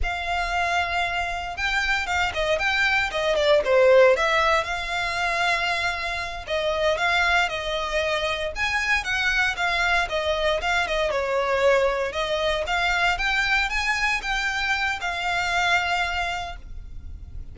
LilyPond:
\new Staff \with { instrumentName = "violin" } { \time 4/4 \tempo 4 = 116 f''2. g''4 | f''8 dis''8 g''4 dis''8 d''8 c''4 | e''4 f''2.~ | f''8 dis''4 f''4 dis''4.~ |
dis''8 gis''4 fis''4 f''4 dis''8~ | dis''8 f''8 dis''8 cis''2 dis''8~ | dis''8 f''4 g''4 gis''4 g''8~ | g''4 f''2. | }